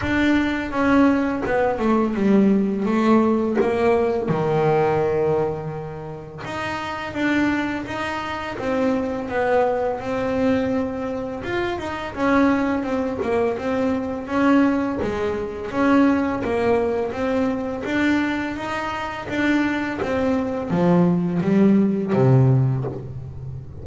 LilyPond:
\new Staff \with { instrumentName = "double bass" } { \time 4/4 \tempo 4 = 84 d'4 cis'4 b8 a8 g4 | a4 ais4 dis2~ | dis4 dis'4 d'4 dis'4 | c'4 b4 c'2 |
f'8 dis'8 cis'4 c'8 ais8 c'4 | cis'4 gis4 cis'4 ais4 | c'4 d'4 dis'4 d'4 | c'4 f4 g4 c4 | }